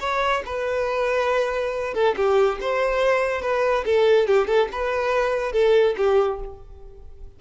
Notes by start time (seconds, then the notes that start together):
0.00 C#5
0.46 B4
1.94 A4
2.16 G4
2.61 C5
3.42 B4
3.85 A4
4.27 G4
4.47 A4
4.72 B4
5.52 A4
5.97 G4